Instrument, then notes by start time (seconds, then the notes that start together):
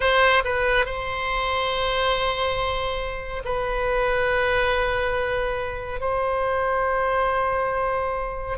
oboe
0.00 C5
0.44 B4
0.85 C5
3.44 B4
6.00 C5